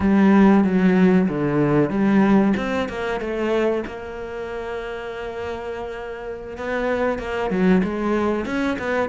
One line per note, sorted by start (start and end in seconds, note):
0.00 0.64 G3
0.64 1.28 F#3
1.28 1.89 D3
1.89 2.53 G3
2.56 2.88 C4
2.88 3.20 A#3
3.20 3.84 A3
3.86 6.57 A#3
6.57 7.18 B3
7.18 7.50 A#3
7.50 7.82 F#3
7.83 8.45 G#3
8.45 8.77 C#4
8.78 9.09 B3